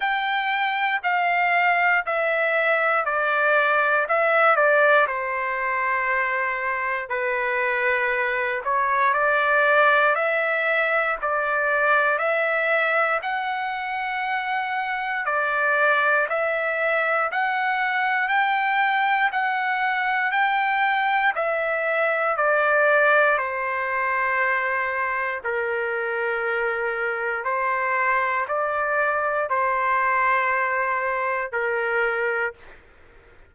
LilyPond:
\new Staff \with { instrumentName = "trumpet" } { \time 4/4 \tempo 4 = 59 g''4 f''4 e''4 d''4 | e''8 d''8 c''2 b'4~ | b'8 cis''8 d''4 e''4 d''4 | e''4 fis''2 d''4 |
e''4 fis''4 g''4 fis''4 | g''4 e''4 d''4 c''4~ | c''4 ais'2 c''4 | d''4 c''2 ais'4 | }